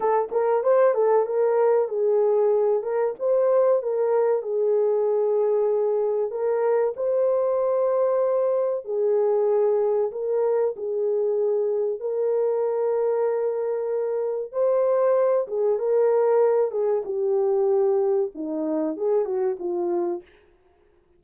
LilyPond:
\new Staff \with { instrumentName = "horn" } { \time 4/4 \tempo 4 = 95 a'8 ais'8 c''8 a'8 ais'4 gis'4~ | gis'8 ais'8 c''4 ais'4 gis'4~ | gis'2 ais'4 c''4~ | c''2 gis'2 |
ais'4 gis'2 ais'4~ | ais'2. c''4~ | c''8 gis'8 ais'4. gis'8 g'4~ | g'4 dis'4 gis'8 fis'8 f'4 | }